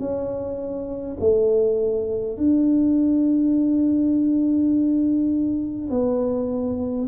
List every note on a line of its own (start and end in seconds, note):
0.00 1.18 C#4
1.20 2.38 A3
2.38 5.91 D4
5.91 7.08 B3